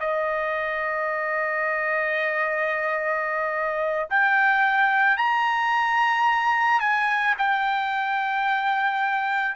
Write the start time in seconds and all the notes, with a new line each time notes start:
0.00 D#5
4.10 G5
5.17 A#5
6.80 G#5
7.38 G5